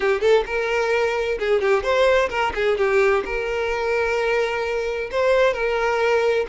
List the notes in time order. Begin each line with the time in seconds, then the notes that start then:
0.00 G4
0.20 A4
0.46 A#4
1.39 G#4
1.61 G4
1.83 C5
2.29 A#4
2.54 G#4
2.77 G4
3.25 A#4
5.11 C5
5.53 A#4